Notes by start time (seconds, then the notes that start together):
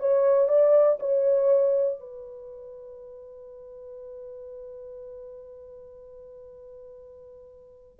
0.00 C#5
0.48 D5
1.00 C#5
2.00 B4